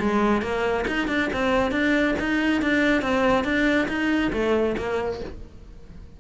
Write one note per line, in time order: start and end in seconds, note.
0.00 0.42 G#3
0.42 0.85 A#3
0.87 1.08 D#4
1.08 1.30 D4
1.33 1.72 C4
1.72 2.15 D4
2.19 2.62 D#4
2.62 3.02 D4
3.02 3.44 C4
3.44 3.88 D4
3.88 4.31 D#4
4.33 4.76 A3
4.77 5.21 A#3